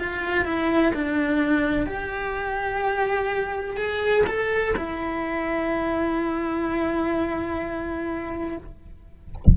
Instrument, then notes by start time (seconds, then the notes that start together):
cello
0.00 F4
0.45 E4
0.94 D4
1.87 G4
3.77 G#4
4.27 A4
4.77 E4